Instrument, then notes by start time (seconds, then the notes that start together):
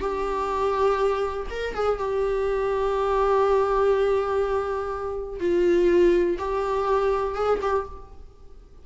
viola
0.00 G4
1.49 A#4
1.74 G#4
1.98 G4
5.39 F4
6.38 G4
7.35 G#4
7.61 G4